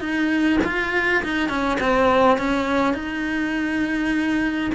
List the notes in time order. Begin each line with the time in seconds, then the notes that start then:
0.00 D#4
0.64 F4
1.23 D#4
1.49 C#4
1.80 C4
2.38 C#4
2.94 D#4